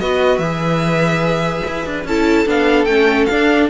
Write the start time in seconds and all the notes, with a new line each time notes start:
0.00 B3 F#4 B4 D#5
0.39 E3 G#4 E5
1.68 E4
1.86 D4
2.05 C#4 E4 A4 A5
2.46 B3 D4 F5
2.85 A3 C#4 G5
3.26 D4 F5